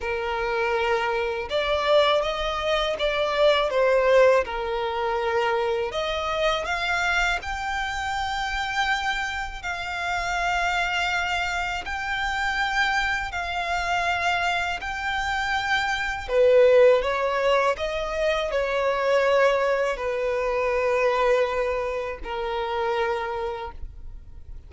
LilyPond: \new Staff \with { instrumentName = "violin" } { \time 4/4 \tempo 4 = 81 ais'2 d''4 dis''4 | d''4 c''4 ais'2 | dis''4 f''4 g''2~ | g''4 f''2. |
g''2 f''2 | g''2 b'4 cis''4 | dis''4 cis''2 b'4~ | b'2 ais'2 | }